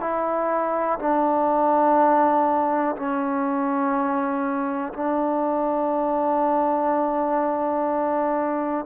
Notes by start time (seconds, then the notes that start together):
0.00 E4
0.99 D4
2.96 C#4
4.93 D4